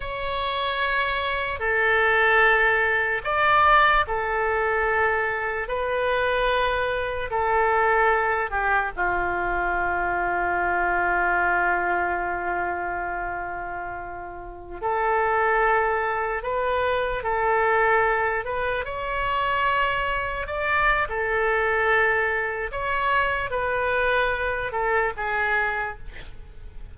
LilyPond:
\new Staff \with { instrumentName = "oboe" } { \time 4/4 \tempo 4 = 74 cis''2 a'2 | d''4 a'2 b'4~ | b'4 a'4. g'8 f'4~ | f'1~ |
f'2~ f'16 a'4.~ a'16~ | a'16 b'4 a'4. b'8 cis''8.~ | cis''4~ cis''16 d''8. a'2 | cis''4 b'4. a'8 gis'4 | }